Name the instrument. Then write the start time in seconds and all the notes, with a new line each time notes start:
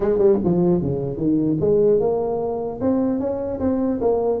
tuba
0.00 G#3
0.18 G3
0.44 F3
0.81 C#3
1.17 D#3
1.60 G#3
1.99 A#3
2.80 C4
3.19 C#4
3.60 C4
4.00 A#3